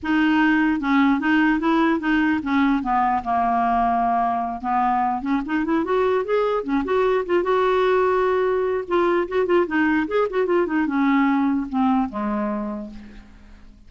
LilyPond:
\new Staff \with { instrumentName = "clarinet" } { \time 4/4 \tempo 4 = 149 dis'2 cis'4 dis'4 | e'4 dis'4 cis'4 b4 | ais2.~ ais8 b8~ | b4 cis'8 dis'8 e'8 fis'4 gis'8~ |
gis'8 cis'8 fis'4 f'8 fis'4.~ | fis'2 f'4 fis'8 f'8 | dis'4 gis'8 fis'8 f'8 dis'8 cis'4~ | cis'4 c'4 gis2 | }